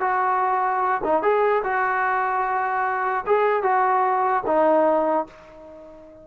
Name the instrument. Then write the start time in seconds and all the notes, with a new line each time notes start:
trombone
0.00 F#4
1.03 D#4
1.22 G#4
1.63 F#4
3.26 G#4
3.63 F#4
4.46 D#4